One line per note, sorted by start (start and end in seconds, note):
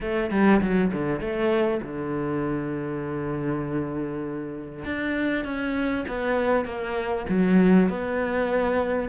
0.00 0.30 A3
0.30 0.60 G3
0.61 0.91 F#3
0.92 1.20 D3
1.20 1.80 A3
1.82 4.85 D3
4.85 5.44 D4
5.44 6.05 C#4
6.07 6.65 B3
6.65 7.26 A#3
7.28 7.89 F#3
7.89 9.09 B3